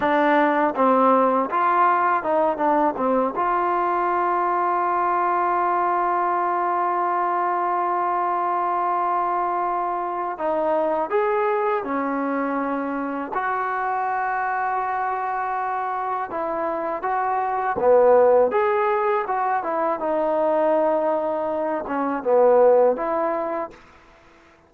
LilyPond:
\new Staff \with { instrumentName = "trombone" } { \time 4/4 \tempo 4 = 81 d'4 c'4 f'4 dis'8 d'8 | c'8 f'2.~ f'8~ | f'1~ | f'2 dis'4 gis'4 |
cis'2 fis'2~ | fis'2 e'4 fis'4 | b4 gis'4 fis'8 e'8 dis'4~ | dis'4. cis'8 b4 e'4 | }